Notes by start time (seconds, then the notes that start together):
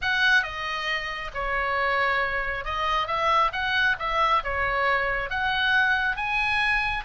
0.01 F#5
0.42 D#5
1.34 C#5
2.64 D#5
3.07 E5
3.52 F#5
3.99 E5
4.43 C#5
5.30 F#5
6.16 G#5